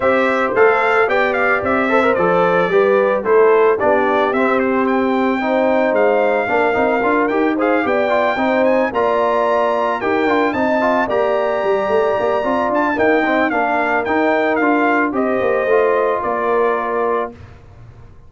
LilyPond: <<
  \new Staff \with { instrumentName = "trumpet" } { \time 4/4 \tempo 4 = 111 e''4 f''4 g''8 f''8 e''4 | d''2 c''4 d''4 | e''8 c''8 g''2 f''4~ | f''4. g''8 f''8 g''4. |
gis''8 ais''2 g''4 a''8~ | a''8 ais''2. a''8 | g''4 f''4 g''4 f''4 | dis''2 d''2 | }
  \new Staff \with { instrumentName = "horn" } { \time 4/4 c''2 d''4. c''8~ | c''4 b'4 a'4 g'4~ | g'2 c''2 | ais'2 c''8 d''4 c''8~ |
c''8 d''2 ais'4 dis''8~ | dis''8 d''2.~ d''8 | dis''4 ais'2. | c''2 ais'2 | }
  \new Staff \with { instrumentName = "trombone" } { \time 4/4 g'4 a'4 g'4. a'16 ais'16 | a'4 g'4 e'4 d'4 | c'2 dis'2 | d'8 dis'8 f'8 g'8 gis'8 g'8 f'8 dis'8~ |
dis'8 f'2 g'8 f'8 dis'8 | f'8 g'2~ g'8 f'4 | ais8 c'8 d'4 dis'4 f'4 | g'4 f'2. | }
  \new Staff \with { instrumentName = "tuba" } { \time 4/4 c'4 a4 b4 c'4 | f4 g4 a4 b4 | c'2. gis4 | ais8 c'8 d'8 dis'4 b4 c'8~ |
c'8 ais2 dis'8 d'8 c'8~ | c'8 ais4 g8 a8 ais8 c'8 d'8 | dis'4 ais4 dis'4 d'4 | c'8 ais8 a4 ais2 | }
>>